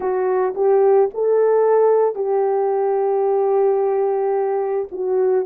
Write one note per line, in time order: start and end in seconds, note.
0.00 0.54 F#4
0.55 1.09 G4
1.14 2.15 A4
2.15 4.88 G4
4.91 5.45 F#4